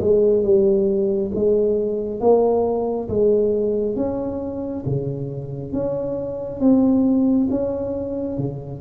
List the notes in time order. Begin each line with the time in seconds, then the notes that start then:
0.00 G#3
0.43 G3
1.35 G#3
2.20 A#3
3.08 G#3
3.96 C#4
4.86 C#3
5.72 C#4
6.60 C4
7.50 C#4
8.38 C#3